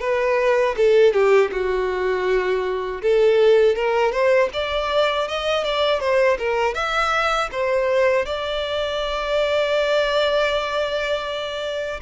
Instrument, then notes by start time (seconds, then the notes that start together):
violin
0.00 B4
0.77 A4
1.13 G4
1.52 F#4
3.02 A4
3.75 A#4
4.12 C5
4.53 D5
5.28 D#5
5.64 D5
6.00 C5
6.39 A#4
6.75 E5
7.51 C5
8.25 D5